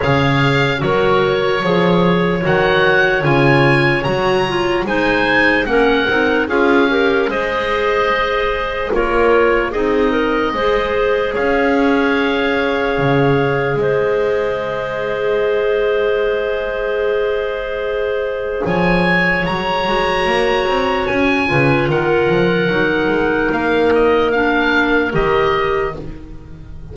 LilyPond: <<
  \new Staff \with { instrumentName = "oboe" } { \time 4/4 \tempo 4 = 74 f''4 cis''2 fis''4 | gis''4 ais''4 gis''4 fis''4 | f''4 dis''2 cis''4 | dis''2 f''2~ |
f''4 dis''2.~ | dis''2. gis''4 | ais''2 gis''4 fis''4~ | fis''4 f''8 dis''8 f''4 dis''4 | }
  \new Staff \with { instrumentName = "clarinet" } { \time 4/4 cis''4 ais'4 cis''2~ | cis''2 c''4 ais'4 | gis'8 ais'8 c''2 ais'4 | gis'8 ais'8 c''4 cis''2~ |
cis''4 c''2.~ | c''2. cis''4~ | cis''2~ cis''8 b'8 ais'4~ | ais'1 | }
  \new Staff \with { instrumentName = "clarinet" } { \time 4/4 gis'4 fis'4 gis'4 fis'4 | f'4 fis'8 f'8 dis'4 cis'8 dis'8 | f'8 g'8 gis'2 f'4 | dis'4 gis'2.~ |
gis'1~ | gis'1~ | gis'8 fis'2 f'4. | dis'2 d'4 g'4 | }
  \new Staff \with { instrumentName = "double bass" } { \time 4/4 cis4 fis4 f4 dis4 | cis4 fis4 gis4 ais8 c'8 | cis'4 gis2 ais4 | c'4 gis4 cis'2 |
cis4 gis2.~ | gis2. f4 | fis8 gis8 ais8 c'8 cis'8 cis8 dis8 f8 | fis8 gis8 ais2 dis4 | }
>>